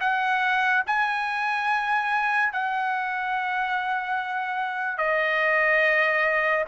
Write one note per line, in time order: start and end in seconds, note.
0.00 0.83 F#5
0.86 2.53 G#5
2.53 4.98 F#5
4.98 6.64 D#5